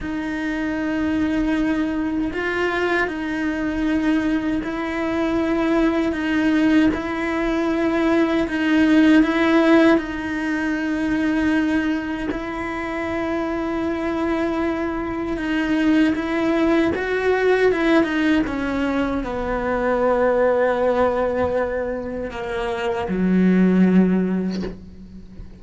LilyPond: \new Staff \with { instrumentName = "cello" } { \time 4/4 \tempo 4 = 78 dis'2. f'4 | dis'2 e'2 | dis'4 e'2 dis'4 | e'4 dis'2. |
e'1 | dis'4 e'4 fis'4 e'8 dis'8 | cis'4 b2.~ | b4 ais4 fis2 | }